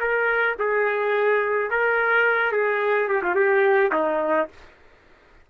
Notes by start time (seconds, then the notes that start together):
0.00 A#4
0.59 G#4
1.71 A#4
2.52 G#4
3.08 G4
3.23 F4
3.35 G4
3.92 D#4